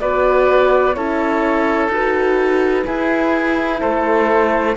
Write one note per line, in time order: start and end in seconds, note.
0.00 0.96 B3
0.00 0.95 F#4
0.00 0.96 B4
0.00 0.94 D5
0.94 1.88 C#4
0.94 1.90 E4
0.94 2.85 A4
0.94 1.89 C#5
1.88 2.83 D#4
1.88 2.86 F#4
1.88 3.81 B4
2.85 4.76 E4
2.85 3.82 E4
2.85 3.80 G#4
3.80 4.76 A3
3.80 4.75 A4
3.80 4.76 C5